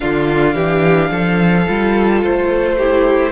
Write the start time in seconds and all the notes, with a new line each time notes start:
0.00 D3 D4 F4 F5
0.54 E3 G4
1.09 F3 A4
1.66 G3 F4
2.22 A3 C5
2.77 E4 G4